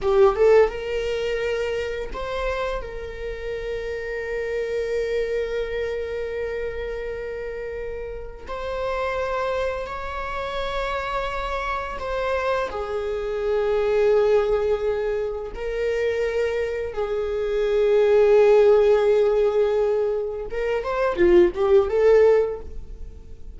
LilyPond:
\new Staff \with { instrumentName = "viola" } { \time 4/4 \tempo 4 = 85 g'8 a'8 ais'2 c''4 | ais'1~ | ais'1 | c''2 cis''2~ |
cis''4 c''4 gis'2~ | gis'2 ais'2 | gis'1~ | gis'4 ais'8 c''8 f'8 g'8 a'4 | }